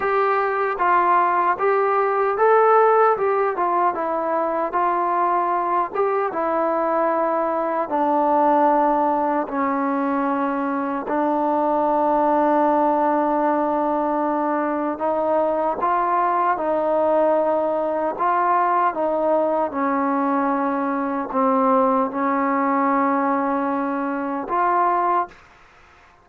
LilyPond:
\new Staff \with { instrumentName = "trombone" } { \time 4/4 \tempo 4 = 76 g'4 f'4 g'4 a'4 | g'8 f'8 e'4 f'4. g'8 | e'2 d'2 | cis'2 d'2~ |
d'2. dis'4 | f'4 dis'2 f'4 | dis'4 cis'2 c'4 | cis'2. f'4 | }